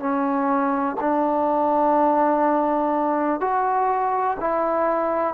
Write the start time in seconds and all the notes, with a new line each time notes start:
0.00 C#4
1.01 D4
3.40 F#4
4.40 E4